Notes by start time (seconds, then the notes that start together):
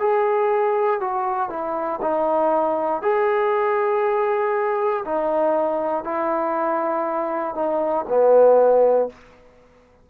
0.00 G#4
1.01 F#4
1.50 E4
2.02 D#4
3.03 G#4
5.05 D#4
6.05 E4
7.55 D#4
8.09 B3